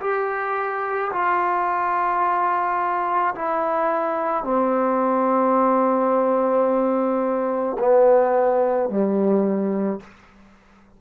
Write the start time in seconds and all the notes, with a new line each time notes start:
0.00 G4
1.13 F4
3.35 E4
4.44 C4
7.79 B3
8.89 G3